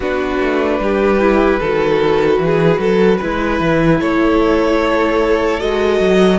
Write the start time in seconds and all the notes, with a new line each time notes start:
0.00 B3 D4 F#4 B4
0.40 A3
0.79 G3 G4
1.20 E4
1.59 D#3 F#4 A4
2.38 E3
2.44 G#4
2.78 F#3 A4
3.17 G#3 E4 B4
3.60 E3
4.00 A3 A4 C#5
5.60 G#3 F#4 D#5
6.00 F#3